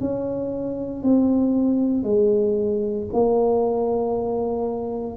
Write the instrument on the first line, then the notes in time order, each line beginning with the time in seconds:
tuba
0.00 C#4
1.03 C4
2.03 G#3
3.13 A#3